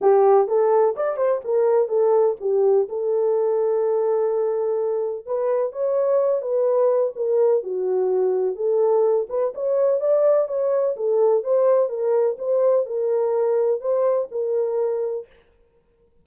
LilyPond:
\new Staff \with { instrumentName = "horn" } { \time 4/4 \tempo 4 = 126 g'4 a'4 d''8 c''8 ais'4 | a'4 g'4 a'2~ | a'2. b'4 | cis''4. b'4. ais'4 |
fis'2 a'4. b'8 | cis''4 d''4 cis''4 a'4 | c''4 ais'4 c''4 ais'4~ | ais'4 c''4 ais'2 | }